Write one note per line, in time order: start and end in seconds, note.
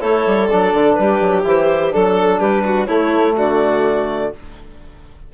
0.00 0.26 A3
0.00 0.48 E4
0.00 0.97 A4
0.00 0.48 C#5
0.26 0.50 G3
0.48 0.73 F#3
0.48 1.43 D4
0.48 0.93 D5
0.73 0.97 D3
0.93 1.20 G3
0.93 1.41 B4
1.01 1.94 G4
1.20 1.44 F#3
1.43 1.93 E3
1.43 1.91 E4
1.43 1.94 C5
1.91 2.40 F#3
1.91 2.87 D4
1.91 2.40 A4
2.40 2.88 G3
2.40 2.64 G4
2.40 2.86 B4
2.65 2.87 F#4
2.86 3.36 A3
2.86 4.33 A3
2.86 3.35 E4
2.86 3.34 C#5
3.37 4.33 D3
3.37 4.33 F#4
3.37 4.34 D5